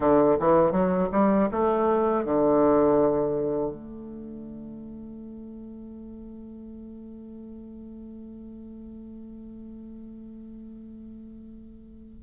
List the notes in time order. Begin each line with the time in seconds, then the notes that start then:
0.00 D3
0.39 E3
0.71 F#3
1.12 G3
1.51 A3
2.24 D3
3.70 A3